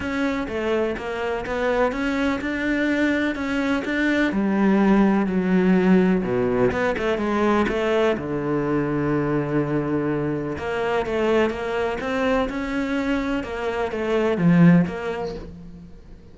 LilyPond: \new Staff \with { instrumentName = "cello" } { \time 4/4 \tempo 4 = 125 cis'4 a4 ais4 b4 | cis'4 d'2 cis'4 | d'4 g2 fis4~ | fis4 b,4 b8 a8 gis4 |
a4 d2.~ | d2 ais4 a4 | ais4 c'4 cis'2 | ais4 a4 f4 ais4 | }